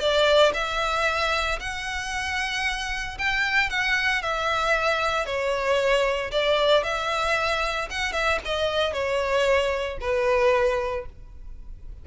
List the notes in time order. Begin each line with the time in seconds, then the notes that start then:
0.00 D5
0.54 E5
1.60 F#5
3.19 G5
3.70 F#5
4.22 E5
5.26 C#5
6.32 D5
6.84 E5
7.90 F#5
8.13 E5
8.45 D#5
8.94 C#5
10.01 B4